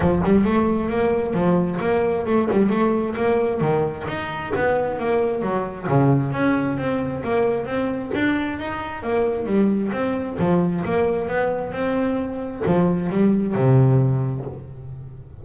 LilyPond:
\new Staff \with { instrumentName = "double bass" } { \time 4/4 \tempo 4 = 133 f8 g8 a4 ais4 f4 | ais4 a8 g8 a4 ais4 | dis4 dis'4 b4 ais4 | fis4 cis4 cis'4 c'4 |
ais4 c'4 d'4 dis'4 | ais4 g4 c'4 f4 | ais4 b4 c'2 | f4 g4 c2 | }